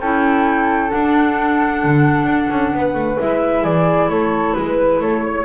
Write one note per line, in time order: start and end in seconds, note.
0.00 0.91 C#4
0.00 0.90 E4
0.00 2.74 A4
0.00 0.91 G5
0.90 3.17 D4
0.90 1.84 D4
0.90 3.18 F#5
1.84 2.24 D3
2.24 2.47 D4
2.50 2.73 C#4
2.74 2.94 B3
2.74 3.63 B4
2.94 3.17 A3
3.18 3.64 G#3
3.18 5.45 E4
3.18 3.64 E5
3.63 4.09 E3
3.63 4.08 G#4
3.63 4.09 D5
4.09 4.55 A3
4.09 4.57 A4
4.09 4.54 C#5
4.54 5.00 G#3
4.54 4.99 B4
4.54 5.02 B4
5.00 5.45 A3
5.00 5.24 A4
5.00 5.45 C#5
5.25 5.45 C#5